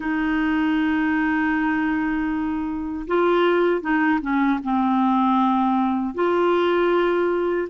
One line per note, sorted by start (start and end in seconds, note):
0.00 3.06 D#4
3.07 3.81 F4
3.81 4.19 D#4
4.21 4.59 C#4
4.63 6.14 C4
6.14 7.68 F4